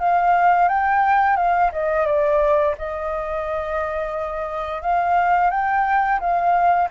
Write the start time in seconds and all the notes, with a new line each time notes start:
0.00 F5
0.69 G5
1.37 F5
1.73 D#5
2.06 D5
2.78 D#5
4.82 F5
5.51 G5
6.20 F5